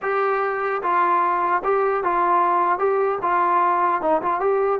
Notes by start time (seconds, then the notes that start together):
0.02 G4
0.82 F4
1.64 G4
2.03 F4
2.78 G4
3.22 F4
4.01 D#4
4.22 F4
4.40 G4